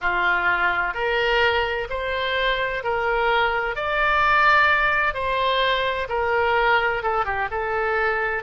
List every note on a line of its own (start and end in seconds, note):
0.01 0.94 F4
0.94 1.87 A#4
1.89 2.83 C5
2.83 3.75 A#4
3.75 5.13 D5
5.13 6.07 C5
6.09 7.02 A#4
7.02 7.24 A4
7.24 7.48 G4
7.50 8.43 A4